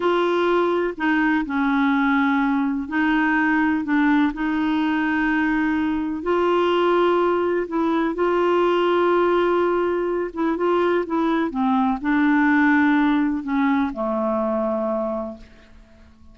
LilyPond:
\new Staff \with { instrumentName = "clarinet" } { \time 4/4 \tempo 4 = 125 f'2 dis'4 cis'4~ | cis'2 dis'2 | d'4 dis'2.~ | dis'4 f'2. |
e'4 f'2.~ | f'4. e'8 f'4 e'4 | c'4 d'2. | cis'4 a2. | }